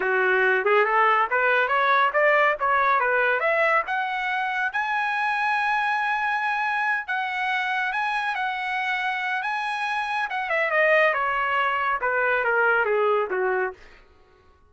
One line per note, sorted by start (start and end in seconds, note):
0.00 0.64 F#4
0.64 0.85 G#4
0.85 1.27 A4
1.30 1.68 B4
1.68 2.10 C#5
2.13 2.56 D5
2.59 3.00 C#5
3.00 3.40 B4
3.40 3.82 E5
3.86 4.72 F#5
4.72 7.07 G#5
7.07 7.92 F#5
7.92 8.35 G#5
8.35 9.42 F#5
9.42 10.28 G#5
10.30 10.49 F#5
10.49 10.70 E5
10.70 11.13 D#5
11.13 11.99 C#5
12.01 12.44 B4
12.44 12.85 A#4
12.85 13.28 G#4
13.30 13.73 F#4